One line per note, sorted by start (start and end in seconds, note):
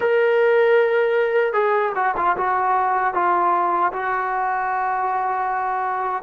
0.00 1.53 A#4
1.53 1.92 G#4
1.95 2.14 F#4
2.16 2.36 F4
2.36 3.14 F#4
3.14 3.92 F4
3.92 6.23 F#4